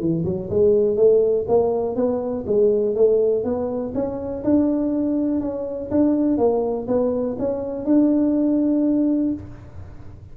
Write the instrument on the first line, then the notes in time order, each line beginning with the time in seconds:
tuba
0.00 E3
0.25 F#3
0.50 G#3
0.97 A3
1.48 A#3
1.96 B3
2.47 G#3
2.95 A3
3.44 B3
3.95 C#4
4.44 D4
5.41 C#4
5.91 D4
6.38 A#3
6.88 B3
7.39 C#4
7.86 D4